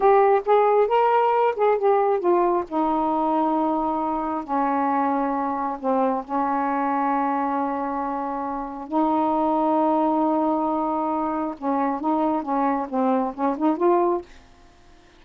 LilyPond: \new Staff \with { instrumentName = "saxophone" } { \time 4/4 \tempo 4 = 135 g'4 gis'4 ais'4. gis'8 | g'4 f'4 dis'2~ | dis'2 cis'2~ | cis'4 c'4 cis'2~ |
cis'1 | dis'1~ | dis'2 cis'4 dis'4 | cis'4 c'4 cis'8 dis'8 f'4 | }